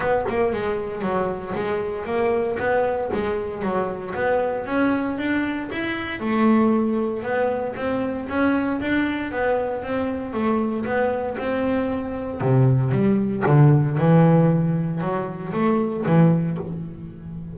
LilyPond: \new Staff \with { instrumentName = "double bass" } { \time 4/4 \tempo 4 = 116 b8 ais8 gis4 fis4 gis4 | ais4 b4 gis4 fis4 | b4 cis'4 d'4 e'4 | a2 b4 c'4 |
cis'4 d'4 b4 c'4 | a4 b4 c'2 | c4 g4 d4 e4~ | e4 fis4 a4 e4 | }